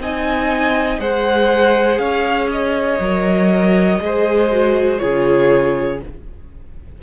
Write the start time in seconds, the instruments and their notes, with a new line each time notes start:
0.00 cello C4, viola D#4, violin D#5 G#5
1.00 cello G#3, viola G#4, violin C5 F#5
1.98 cello C#4, violin C#5 F5
2.51 violin D#5
3.00 cello F#3, viola A#4
4.01 cello G#3, viola G#4, violin C5
4.51 viola F#4
4.99 cello C#3, viola F4, violin G#4 C#5